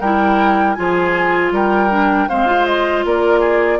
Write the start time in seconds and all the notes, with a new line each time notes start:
0.00 G3 E4 A#4 G5
0.74 F3 F4 G#4 G#5
1.51 G3 A#4 G5
1.90 D4
2.29 G#3 C4 C5 F5
2.46 F4
2.65 D#5
3.04 A#3 A#4 D5
3.39 G#4